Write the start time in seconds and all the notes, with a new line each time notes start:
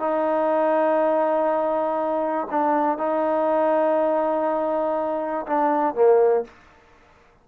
0.00 D#4
2.51 D4
2.98 D#4
5.47 D4
5.95 A#3